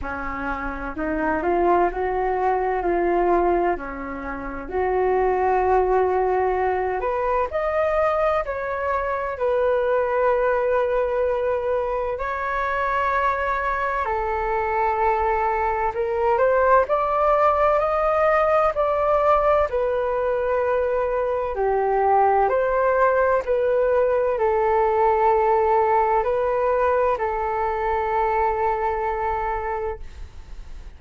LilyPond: \new Staff \with { instrumentName = "flute" } { \time 4/4 \tempo 4 = 64 cis'4 dis'8 f'8 fis'4 f'4 | cis'4 fis'2~ fis'8 b'8 | dis''4 cis''4 b'2~ | b'4 cis''2 a'4~ |
a'4 ais'8 c''8 d''4 dis''4 | d''4 b'2 g'4 | c''4 b'4 a'2 | b'4 a'2. | }